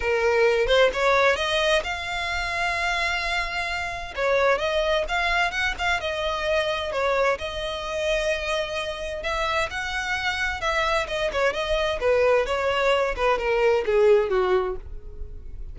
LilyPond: \new Staff \with { instrumentName = "violin" } { \time 4/4 \tempo 4 = 130 ais'4. c''8 cis''4 dis''4 | f''1~ | f''4 cis''4 dis''4 f''4 | fis''8 f''8 dis''2 cis''4 |
dis''1 | e''4 fis''2 e''4 | dis''8 cis''8 dis''4 b'4 cis''4~ | cis''8 b'8 ais'4 gis'4 fis'4 | }